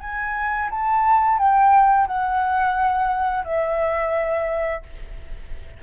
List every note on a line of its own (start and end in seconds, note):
0.00 0.69 G#5
0.70 1.38 A5
1.38 2.07 G5
2.07 3.44 F#5
3.44 4.82 E5